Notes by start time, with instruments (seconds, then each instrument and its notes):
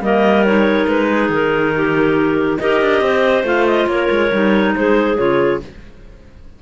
0.00 cello G3, clarinet A#3 A#4 D#5
0.45 clarinet D#4 C#5
0.87 cello G#3, clarinet B4
1.08 clarinet G#4
1.29 cello D#3, clarinet A#4
1.76 clarinet G4
2.57 cello D#4, clarinet G4 A#4 D#5
2.81 cello D4
3.01 cello C4, clarinet C5
3.43 cello A3, clarinet F4 F5
3.66 clarinet D#5
3.87 cello A#3, clarinet A#4 C#5
4.10 cello G#3
4.32 cello G3, clarinet D#4
4.75 cello G#3, clarinet G#4 C5
5.16 cello C#3, clarinet F4 C#5